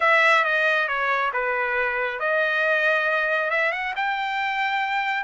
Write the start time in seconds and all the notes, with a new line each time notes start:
0.00 E5
0.44 D#5
0.87 C#5
1.33 B4
2.19 D#5
3.50 E5
3.72 F#5
3.95 G5